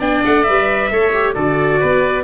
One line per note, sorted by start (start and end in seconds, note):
0.00 0.23 B3
0.00 0.47 D4
0.00 0.90 D5
0.00 0.24 G5
0.26 0.49 A3
0.26 0.44 F#5
0.44 0.91 G3
0.44 0.91 B4
0.44 1.34 E5
0.91 1.36 A3
0.91 1.13 A4
0.91 1.35 C#5
1.14 1.36 G4
1.35 1.82 D3
1.35 2.24 F#4
1.35 1.80 A4
1.35 2.24 D5
1.80 2.24 B3
1.80 2.24 B4